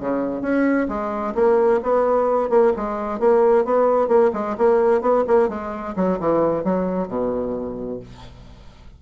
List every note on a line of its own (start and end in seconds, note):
0.00 0.41 C#3
0.41 0.87 C#4
0.88 1.34 G#3
1.35 1.80 A#3
1.83 2.49 B3
2.49 2.72 A#3
2.76 3.20 G#3
3.20 3.65 A#3
3.65 4.08 B3
4.08 4.31 A#3
4.33 4.56 G#3
4.58 5.01 A#3
5.01 5.24 B3
5.27 5.49 A#3
5.49 5.95 G#3
5.96 6.19 F#3
6.19 6.64 E3
6.64 7.08 F#3
7.08 8.00 B2